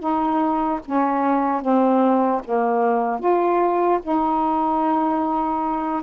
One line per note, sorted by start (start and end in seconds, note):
0.00 0.80 D#4
0.86 1.62 C#4
1.62 2.42 C4
2.45 3.20 A#3
3.20 4.00 F4
4.03 6.03 D#4